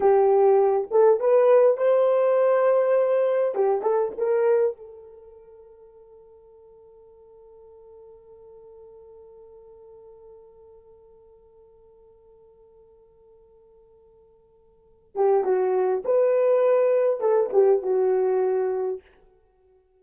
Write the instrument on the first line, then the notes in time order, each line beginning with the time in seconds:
horn
0.00 G4
0.90 A4
1.19 B4
1.77 C5
3.55 G4
3.82 A4
4.17 A#4
4.76 A4
15.15 G4
15.43 F#4
16.04 B4
17.20 A4
17.52 G4
17.82 F#4